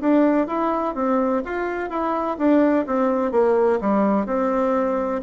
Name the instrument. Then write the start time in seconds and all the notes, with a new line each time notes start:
bassoon
0.00 D4
0.47 E4
0.94 C4
1.45 F4
1.90 E4
2.38 D4
2.86 C4
3.31 A#3
3.81 G3
4.26 C4